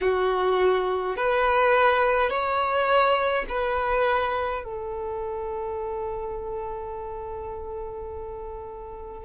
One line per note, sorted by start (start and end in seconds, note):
0.01 1.16 F#4
1.16 2.30 B4
2.30 3.45 C#5
3.49 4.64 B4
4.64 9.25 A4